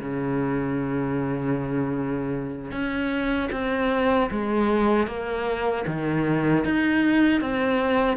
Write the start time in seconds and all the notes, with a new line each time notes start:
0.00 C#3
2.72 C#4
3.52 C4
4.31 G#3
5.07 A#3
5.87 D#3
6.65 D#4
7.41 C4